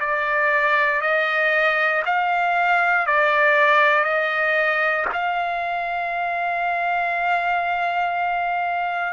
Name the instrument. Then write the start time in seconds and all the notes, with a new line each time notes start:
trumpet
0.00 D5
1.01 D#5
2.06 F5
3.06 D5
4.04 D#5
5.13 F5